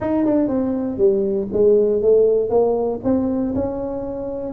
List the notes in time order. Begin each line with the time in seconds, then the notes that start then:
0.00 D#4
0.25 D4
0.48 C4
0.97 G3
1.52 G#3
2.02 A3
2.49 A#3
3.03 C4
3.54 C#4